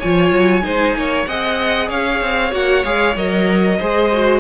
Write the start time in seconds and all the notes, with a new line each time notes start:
0.00 F3 F4 C#5 G#5
0.31 F#3
0.62 G#3 D#4 C5
0.95 A#3 C#5
1.26 C4 G#4 D#5 F#5
1.89 C#4 C#5 F5
2.21 C4
2.52 A#3 F#4 F#5
2.84 G#3 G#4 F5
3.16 F#3 A#4 D#5
3.79 G#3 G#4 C5
4.13 F#4